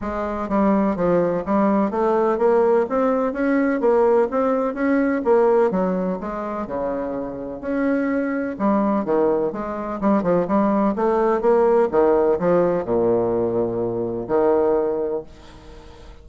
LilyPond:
\new Staff \with { instrumentName = "bassoon" } { \time 4/4 \tempo 4 = 126 gis4 g4 f4 g4 | a4 ais4 c'4 cis'4 | ais4 c'4 cis'4 ais4 | fis4 gis4 cis2 |
cis'2 g4 dis4 | gis4 g8 f8 g4 a4 | ais4 dis4 f4 ais,4~ | ais,2 dis2 | }